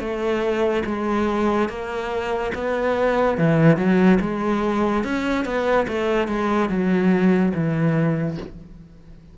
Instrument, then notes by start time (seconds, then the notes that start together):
cello
0.00 A3
0.86 G#3
1.69 A#3
2.55 B3
3.38 E3
3.77 F#3
4.21 G#3
5.04 C#4
5.45 B3
5.88 A3
6.28 G#3
6.70 F#3
7.55 E3